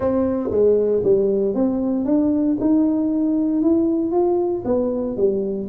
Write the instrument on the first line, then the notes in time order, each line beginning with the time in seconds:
tuba
0.00 C4
0.50 G#3
1.03 G3
1.54 C4
2.05 D4
2.60 D#4
3.62 E4
4.11 F4
4.65 B3
5.16 G3